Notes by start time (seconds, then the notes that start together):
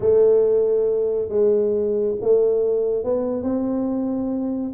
0.00 A3
1.29 G#3
2.21 A3
3.04 B3
3.43 C4